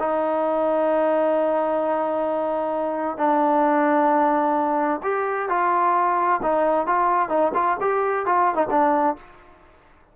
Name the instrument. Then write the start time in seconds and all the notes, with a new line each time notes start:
trombone
0.00 D#4
3.18 D4
5.03 G4
5.49 F4
6.43 D#4
6.87 F4
7.29 D#4
7.55 F4
7.81 G4
8.26 F4
8.55 D#4
8.71 D4